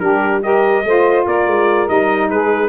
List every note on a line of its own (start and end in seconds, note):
0.00 0.84 G3
0.00 0.42 D4
0.00 0.44 G4
0.00 0.41 A#4
0.42 0.83 G4
0.42 0.85 A#4
0.42 1.26 D#5
0.84 1.26 A3
0.84 1.87 F4
0.84 1.26 C5
1.26 1.47 A#3
1.26 2.30 A#4
1.26 1.89 D5
1.47 1.88 G#3
1.87 2.31 G3
1.87 2.69 D#4
1.87 2.30 D#5
2.30 2.69 G#3
2.30 2.69 G#4
2.30 2.69 B4